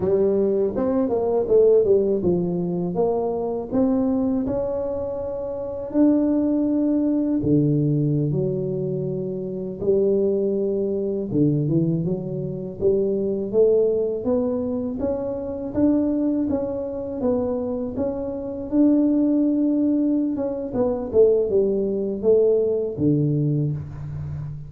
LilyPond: \new Staff \with { instrumentName = "tuba" } { \time 4/4 \tempo 4 = 81 g4 c'8 ais8 a8 g8 f4 | ais4 c'4 cis'2 | d'2 d4~ d16 fis8.~ | fis4~ fis16 g2 d8 e16~ |
e16 fis4 g4 a4 b8.~ | b16 cis'4 d'4 cis'4 b8.~ | b16 cis'4 d'2~ d'16 cis'8 | b8 a8 g4 a4 d4 | }